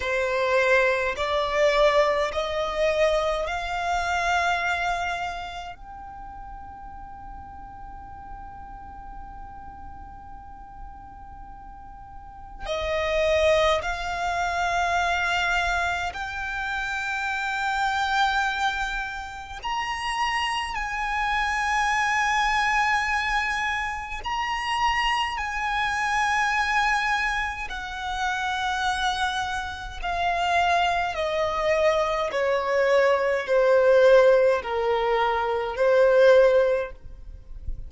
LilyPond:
\new Staff \with { instrumentName = "violin" } { \time 4/4 \tempo 4 = 52 c''4 d''4 dis''4 f''4~ | f''4 g''2.~ | g''2. dis''4 | f''2 g''2~ |
g''4 ais''4 gis''2~ | gis''4 ais''4 gis''2 | fis''2 f''4 dis''4 | cis''4 c''4 ais'4 c''4 | }